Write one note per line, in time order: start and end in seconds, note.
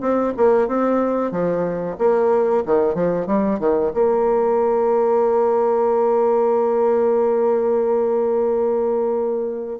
0.00 0.33 C4
0.36 0.67 A#3
0.67 1.31 C4
1.31 1.96 F3
1.98 2.63 A#3
2.65 2.94 D#3
2.94 3.26 F3
3.26 3.59 G3
3.59 3.92 D#3
3.93 9.79 A#3